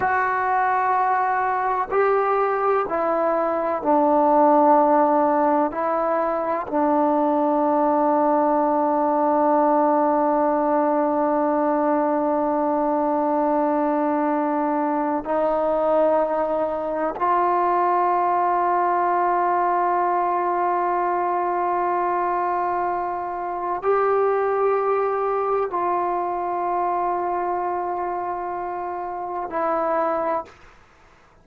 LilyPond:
\new Staff \with { instrumentName = "trombone" } { \time 4/4 \tempo 4 = 63 fis'2 g'4 e'4 | d'2 e'4 d'4~ | d'1~ | d'1 |
dis'2 f'2~ | f'1~ | f'4 g'2 f'4~ | f'2. e'4 | }